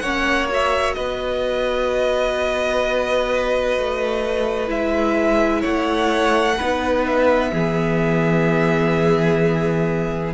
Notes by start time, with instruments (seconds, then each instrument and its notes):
0.00 cello A#3, viola C#4, violin C#5 F#5
0.50 viola F#4, violin E5
0.94 cello B3, violin B4 D#5
3.78 cello A3
4.67 cello G#3, viola E4, violin E5
5.62 cello A3, violin C#5 F#5
6.58 cello B3, viola D#4, violin B4
7.07 violin E5
7.53 cello E3, viola B3, violin G#4